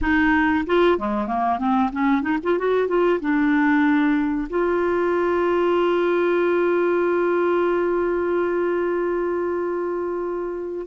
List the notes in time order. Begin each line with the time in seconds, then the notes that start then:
0.01 D#4
0.66 F4
0.98 G#3
1.27 A#3
1.58 C4
1.92 C#4
2.22 D#4
2.43 F4
2.58 F#4
2.88 F4
3.20 D4
4.49 F4